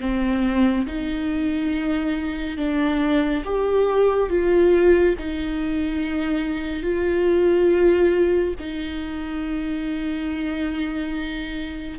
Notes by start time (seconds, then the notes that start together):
0.00 C4
0.86 D#4
2.57 D4
3.44 G4
4.29 F4
5.18 D#4
6.83 F4
8.59 D#4